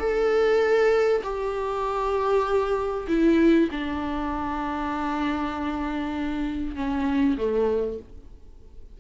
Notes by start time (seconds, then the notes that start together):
0.00 A4
1.24 G4
3.08 E4
3.72 D4
6.76 C#4
7.38 A3